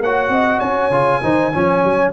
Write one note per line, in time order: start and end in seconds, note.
0.00 0.29 A#3
0.00 0.91 F#4
0.00 0.32 C#5
0.00 0.60 F#5
0.29 0.59 C4
0.29 0.59 D#5
0.59 0.90 C#4
0.59 1.20 C#5
0.59 2.11 G#5
0.90 1.20 C#3
0.90 1.22 F4
1.22 1.53 D#3
1.22 1.52 D#4
1.22 1.53 C5
1.53 1.83 F3
1.53 2.12 C#4
1.53 2.12 C#5
1.83 2.12 F#3